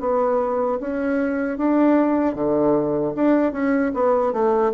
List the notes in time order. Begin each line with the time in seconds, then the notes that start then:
0.00 B3
0.80 C#4
1.58 D4
2.35 D3
3.15 D4
3.52 C#4
3.94 B3
4.33 A3